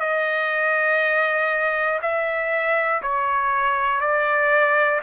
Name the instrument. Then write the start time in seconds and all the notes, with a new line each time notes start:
trumpet
0.00 D#5
2.02 E5
3.02 C#5
4.01 D5